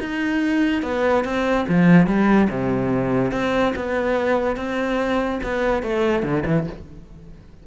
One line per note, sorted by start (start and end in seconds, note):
0.00 0.82 D#4
0.82 1.24 B3
1.24 1.66 C4
1.68 2.07 F3
2.07 2.48 G3
2.50 3.32 C3
3.32 3.73 C4
3.75 4.56 B3
4.56 5.40 C4
5.43 5.83 B3
5.83 6.23 A3
6.23 6.43 D3
6.45 6.66 E3